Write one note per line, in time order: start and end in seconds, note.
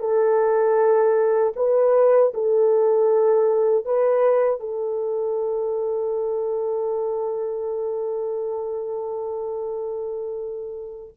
0.00 1.54 A4
1.56 2.33 B4
2.35 3.86 A4
3.86 4.60 B4
4.60 11.14 A4